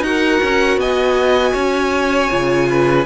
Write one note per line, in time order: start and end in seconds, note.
0.00 0.38 D#4
0.00 2.29 F#4
0.00 0.79 F#5
0.07 0.80 A#4
0.43 0.77 C#4
0.77 1.53 B3
0.77 1.52 D#5
0.77 3.05 G#5
1.52 2.30 C#4
1.52 2.66 C#5
2.29 3.05 C#3
2.29 3.05 F4
2.69 3.05 B4